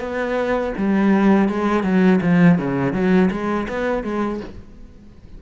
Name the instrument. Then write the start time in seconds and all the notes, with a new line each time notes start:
cello
0.00 B3
0.77 G3
1.49 G#3
1.84 F#3
2.22 F3
2.58 C#3
2.93 F#3
3.31 G#3
3.69 B3
4.04 G#3